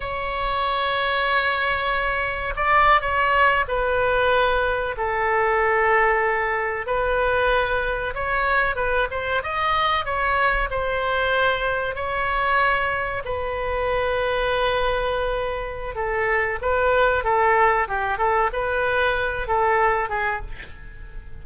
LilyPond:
\new Staff \with { instrumentName = "oboe" } { \time 4/4 \tempo 4 = 94 cis''1 | d''8. cis''4 b'2 a'16~ | a'2~ a'8. b'4~ b'16~ | b'8. cis''4 b'8 c''8 dis''4 cis''16~ |
cis''8. c''2 cis''4~ cis''16~ | cis''8. b'2.~ b'16~ | b'4 a'4 b'4 a'4 | g'8 a'8 b'4. a'4 gis'8 | }